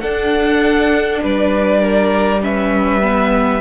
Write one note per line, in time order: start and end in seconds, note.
0.00 2.42 D4
0.00 1.23 D4
0.00 1.21 A4
0.00 1.20 F#5
1.23 3.61 G3
1.23 1.81 B4
1.23 2.43 D5
1.81 2.42 A#4
2.42 3.02 C#4
2.42 3.61 B4
2.42 3.61 E5
3.02 3.61 B3